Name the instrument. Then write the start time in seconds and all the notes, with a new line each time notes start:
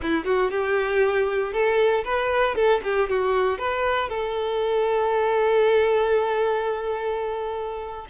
violin
0.01 E4
0.24 F#4
0.50 G4
1.52 A4
2.04 B4
2.55 A4
2.83 G4
3.09 F#4
3.58 B4
4.09 A4